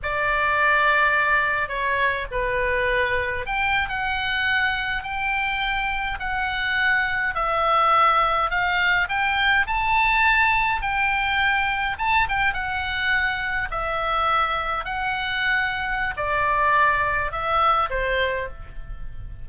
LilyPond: \new Staff \with { instrumentName = "oboe" } { \time 4/4 \tempo 4 = 104 d''2. cis''4 | b'2 g''8. fis''4~ fis''16~ | fis''8. g''2 fis''4~ fis''16~ | fis''8. e''2 f''4 g''16~ |
g''8. a''2 g''4~ g''16~ | g''8. a''8 g''8 fis''2 e''16~ | e''4.~ e''16 fis''2~ fis''16 | d''2 e''4 c''4 | }